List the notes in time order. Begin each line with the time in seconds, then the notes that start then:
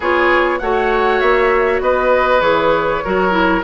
0.00 B3 F4 G#4 C#5
0.58 A3 F#4 C#5 F#5
1.19 A#3 E5
1.80 B3 B4 D#5
2.40 E3 G#4 C#5
3.04 F#3 F#4 A#4
3.30 E4